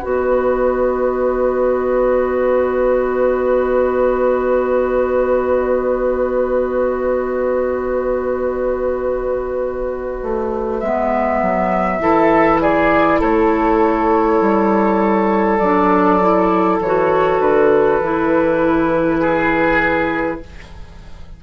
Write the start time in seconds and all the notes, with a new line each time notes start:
0.00 B3 F#4 B4 D#5
10.23 A3
10.79 G#3 B3 E5
11.42 F#3
12.00 E3 E4 A4
12.61 G#4 D5
13.20 A3 A4 C#5
14.41 G3
15.58 F#3 D4 D5
16.21 E4
16.80 E3 F#4 C#5
17.40 D3 B4
18.01 E3 E4
19.21 G#4